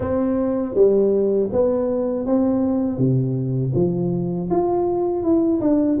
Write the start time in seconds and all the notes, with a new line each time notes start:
0.00 C4
0.75 G3
1.51 B3
2.26 C4
2.97 C3
3.74 F3
4.50 F4
5.23 E4
5.60 D4